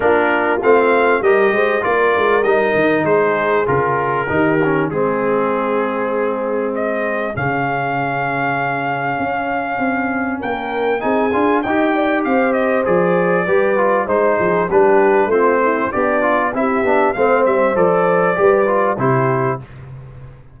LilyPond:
<<
  \new Staff \with { instrumentName = "trumpet" } { \time 4/4 \tempo 4 = 98 ais'4 f''4 dis''4 d''4 | dis''4 c''4 ais'2 | gis'2. dis''4 | f''1~ |
f''4 g''4 gis''4 g''4 | f''8 dis''8 d''2 c''4 | b'4 c''4 d''4 e''4 | f''8 e''8 d''2 c''4 | }
  \new Staff \with { instrumentName = "horn" } { \time 4/4 f'2 ais'8 c''8 ais'4~ | ais'4 gis'2 g'4 | gis'1~ | gis'1~ |
gis'4 ais'4 gis'4 dis''8 d''8 | c''2 b'4 c''8 gis'8 | g'4 f'8 e'8 d'4 g'4 | c''2 b'4 g'4 | }
  \new Staff \with { instrumentName = "trombone" } { \time 4/4 d'4 c'4 g'4 f'4 | dis'2 f'4 dis'8 cis'8 | c'1 | cis'1~ |
cis'2 dis'8 f'8 g'4~ | g'4 gis'4 g'8 f'8 dis'4 | d'4 c'4 g'8 f'8 e'8 d'8 | c'4 a'4 g'8 f'8 e'4 | }
  \new Staff \with { instrumentName = "tuba" } { \time 4/4 ais4 a4 g8 gis8 ais8 gis8 | g8 dis8 gis4 cis4 dis4 | gis1 | cis2. cis'4 |
c'4 ais4 c'8 d'8 dis'4 | c'4 f4 g4 gis8 f8 | g4 a4 b4 c'8 b8 | a8 g8 f4 g4 c4 | }
>>